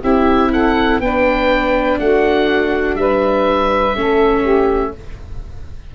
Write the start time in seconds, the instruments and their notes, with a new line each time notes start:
0.00 tuba C4, viola E4, saxophone G4, oboe E5
0.52 saxophone A4, oboe F#5
1.00 tuba B3, viola D4, saxophone B4, oboe G5
1.99 tuba A3, saxophone F#4, oboe F#5
2.95 tuba G3, saxophone B4, oboe E5
3.94 tuba A3, viola C#4, saxophone A4
4.42 saxophone G4